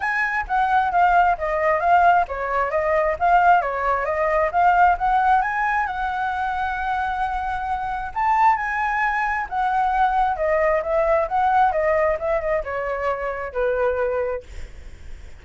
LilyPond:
\new Staff \with { instrumentName = "flute" } { \time 4/4 \tempo 4 = 133 gis''4 fis''4 f''4 dis''4 | f''4 cis''4 dis''4 f''4 | cis''4 dis''4 f''4 fis''4 | gis''4 fis''2.~ |
fis''2 a''4 gis''4~ | gis''4 fis''2 dis''4 | e''4 fis''4 dis''4 e''8 dis''8 | cis''2 b'2 | }